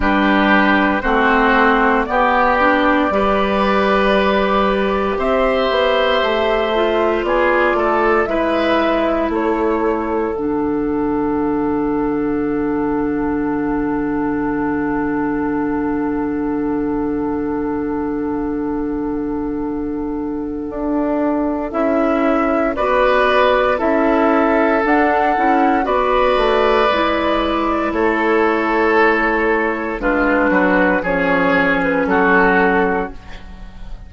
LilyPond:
<<
  \new Staff \with { instrumentName = "flute" } { \time 4/4 \tempo 4 = 58 b'4 c''4 d''2~ | d''4 e''2 d''4 | e''4 cis''4 fis''2~ | fis''1~ |
fis''1~ | fis''4 e''4 d''4 e''4 | fis''4 d''2 cis''4~ | cis''4 b'4 cis''8. b'16 a'4 | }
  \new Staff \with { instrumentName = "oboe" } { \time 4/4 g'4 fis'4 g'4 b'4~ | b'4 c''2 gis'8 a'8 | b'4 a'2.~ | a'1~ |
a'1~ | a'2 b'4 a'4~ | a'4 b'2 a'4~ | a'4 f'8 fis'8 gis'4 fis'4 | }
  \new Staff \with { instrumentName = "clarinet" } { \time 4/4 d'4 c'4 b8 d'8 g'4~ | g'2~ g'8 f'4. | e'2 d'2~ | d'1~ |
d'1~ | d'4 e'4 fis'4 e'4 | d'8 e'8 fis'4 e'2~ | e'4 d'4 cis'2 | }
  \new Staff \with { instrumentName = "bassoon" } { \time 4/4 g4 a4 b4 g4~ | g4 c'8 b8 a4 b8 a8 | gis4 a4 d2~ | d1~ |
d1 | d'4 cis'4 b4 cis'4 | d'8 cis'8 b8 a8 gis4 a4~ | a4 gis8 fis8 f4 fis4 | }
>>